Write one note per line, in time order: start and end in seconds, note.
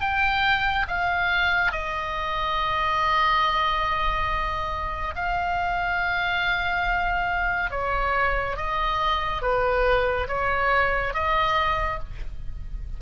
0.00 0.86 G5
0.88 1.71 F5
1.71 5.14 D#5
5.15 7.71 F5
7.71 8.56 C#5
8.56 9.42 D#5
9.42 10.27 B4
10.28 11.14 C#5
11.14 11.99 D#5